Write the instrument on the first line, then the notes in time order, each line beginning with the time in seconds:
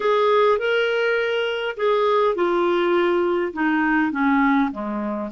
clarinet
0.00 G#4
0.58 A#4
1.76 G#4
2.35 F4
3.53 D#4
4.11 C#4
4.71 G#3